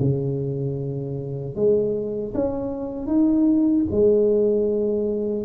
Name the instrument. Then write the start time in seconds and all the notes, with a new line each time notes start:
tuba
0.00 C#3
1.56 G#3
2.34 C#4
3.07 D#4
3.91 G#3